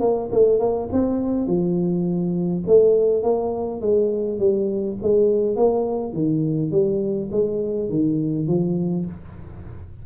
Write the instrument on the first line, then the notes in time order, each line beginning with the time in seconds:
tuba
0.00 A#3
0.32 A3
0.59 A#3
0.92 C4
1.47 F3
2.67 A3
3.23 A#3
3.81 G#3
4.39 G3
5.02 G#3
5.56 A#3
6.13 D#3
6.71 G3
7.31 G#3
7.89 D#3
8.47 F3